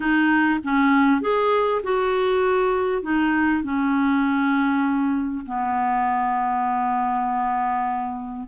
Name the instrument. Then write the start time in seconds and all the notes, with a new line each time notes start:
clarinet
0.00 D#4
0.63 C#4
1.21 G#4
1.83 F#4
3.02 D#4
3.63 C#4
5.45 B3